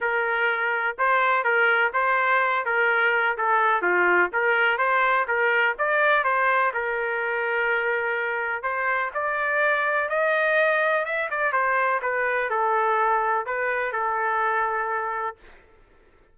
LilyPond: \new Staff \with { instrumentName = "trumpet" } { \time 4/4 \tempo 4 = 125 ais'2 c''4 ais'4 | c''4. ais'4. a'4 | f'4 ais'4 c''4 ais'4 | d''4 c''4 ais'2~ |
ais'2 c''4 d''4~ | d''4 dis''2 e''8 d''8 | c''4 b'4 a'2 | b'4 a'2. | }